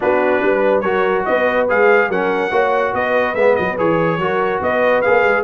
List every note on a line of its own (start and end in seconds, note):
0.00 0.42 B3
0.00 0.83 D4
0.00 0.43 F#4
0.00 0.80 B4
0.42 0.83 G3
0.42 0.83 B4
0.80 1.25 F#3
0.80 1.68 F#4
0.80 1.25 A#4
0.80 1.22 C#5
1.25 1.69 B3
1.25 2.09 B4
1.25 1.67 D#5
1.68 2.08 G#3
1.68 2.10 G#4
1.68 2.11 F5
2.08 2.50 F#3
2.08 2.51 C#4
2.08 2.51 A#4
2.08 2.94 F#5
2.50 2.92 A#3
2.50 3.35 F#4
2.50 2.93 C#5
2.94 3.34 B3
2.94 4.19 B4
2.94 3.34 D#5
3.34 3.55 G#3
3.34 3.77 B3
3.34 3.55 E5
3.55 3.79 F#3
3.55 3.76 D#5
3.77 4.17 E3
3.77 4.19 G#4
3.77 4.62 C#5
4.17 4.59 F#3
4.17 5.04 F#4
4.17 4.61 A#4
4.61 5.03 B3
4.61 5.44 B4
4.61 5.01 D#5
5.01 5.24 A#3
5.01 5.44 G#4
5.01 5.43 F5
5.24 5.44 G#3